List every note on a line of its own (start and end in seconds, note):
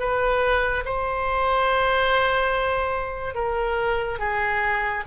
0.00 0.85 B4
0.86 3.35 C5
3.35 4.19 A#4
4.19 5.04 G#4